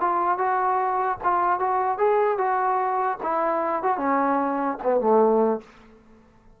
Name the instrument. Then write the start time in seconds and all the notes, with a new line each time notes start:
trombone
0.00 F4
0.38 F#4
1.23 F4
1.59 F#4
1.98 G#4
2.38 F#4
3.22 E4
3.82 F#4
3.97 C#4
4.83 B3
5.00 A3